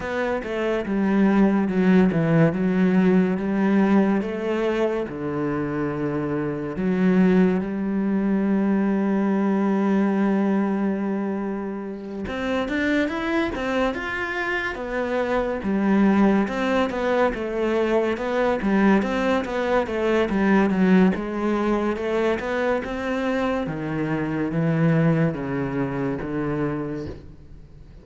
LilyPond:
\new Staff \with { instrumentName = "cello" } { \time 4/4 \tempo 4 = 71 b8 a8 g4 fis8 e8 fis4 | g4 a4 d2 | fis4 g2.~ | g2~ g8 c'8 d'8 e'8 |
c'8 f'4 b4 g4 c'8 | b8 a4 b8 g8 c'8 b8 a8 | g8 fis8 gis4 a8 b8 c'4 | dis4 e4 cis4 d4 | }